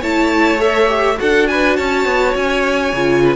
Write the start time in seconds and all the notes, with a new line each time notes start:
0.00 A3 E4 C#5 A5
0.58 A4 E5
0.87 G4
1.17 D4 F#4 A4 F#5
1.47 B4 G#5
1.76 C#4 C#5 A5
2.05 B3
2.35 C#4 G#5
2.93 C#3 F4
3.24 B4